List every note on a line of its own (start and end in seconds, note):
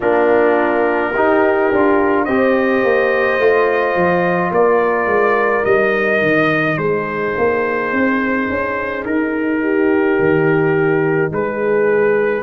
0.00 1.14 A#3
0.00 1.13 D4
0.00 1.11 F4
0.00 2.24 A#4
1.14 1.70 D#4
1.14 1.73 D#4
1.14 2.25 G4
1.72 2.27 D4
1.72 2.27 F4
2.24 2.83 C4
2.24 3.39 G4
2.24 4.52 C5
2.24 4.51 D#5
2.84 3.38 A#3
3.38 3.95 A3
3.38 5.64 F4
3.95 4.50 F3
4.50 5.06 A#3
4.50 6.79 A#4
4.50 5.64 D5
5.06 5.63 G#3
5.64 6.21 G3
5.64 12.43 D#4
5.64 6.77 D#5
6.21 6.77 D#3
6.77 7.34 G#3
6.77 9.61 G#4
6.77 9.04 C5
7.37 7.92 A#3
7.92 8.49 C4
8.49 9.05 C#4
9.04 10.18 D#4
9.04 11.31 A#4
9.61 11.31 G4
10.19 11.31 D#3
11.31 12.43 G#3
11.31 12.43 G#4
11.31 12.43 B4